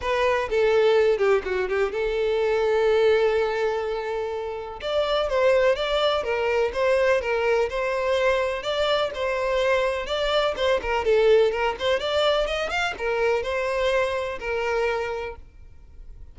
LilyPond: \new Staff \with { instrumentName = "violin" } { \time 4/4 \tempo 4 = 125 b'4 a'4. g'8 fis'8 g'8 | a'1~ | a'2 d''4 c''4 | d''4 ais'4 c''4 ais'4 |
c''2 d''4 c''4~ | c''4 d''4 c''8 ais'8 a'4 | ais'8 c''8 d''4 dis''8 f''8 ais'4 | c''2 ais'2 | }